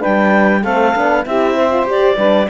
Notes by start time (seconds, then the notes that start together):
0.00 D4 B4 G5
0.06 G3
0.62 A3 C4 A4 F5
0.95 B3 D4
1.26 C4 E4 G4 E5
1.56 C5
1.71 F4
1.83 G4
1.90 D5
2.17 G3 D4 B4